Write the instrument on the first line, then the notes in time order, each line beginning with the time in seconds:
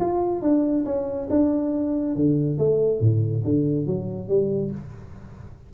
tuba
0.00 F4
0.42 D4
0.85 C#4
1.30 D4
2.15 D3
2.58 A3
3.00 A2
3.44 D3
3.86 F#3
4.28 G3